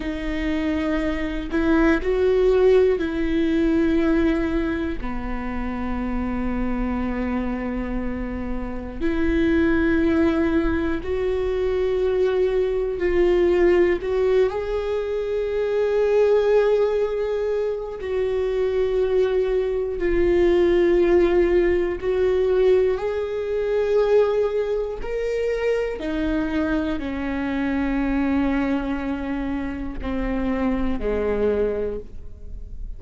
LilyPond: \new Staff \with { instrumentName = "viola" } { \time 4/4 \tempo 4 = 60 dis'4. e'8 fis'4 e'4~ | e'4 b2.~ | b4 e'2 fis'4~ | fis'4 f'4 fis'8 gis'4.~ |
gis'2 fis'2 | f'2 fis'4 gis'4~ | gis'4 ais'4 dis'4 cis'4~ | cis'2 c'4 gis4 | }